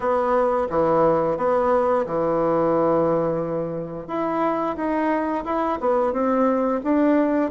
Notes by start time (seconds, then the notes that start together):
0.00 B3
0.69 E3
1.37 B3
2.06 E3
4.07 E4
4.76 D#4
5.44 E4
5.80 B3
6.12 C4
6.83 D4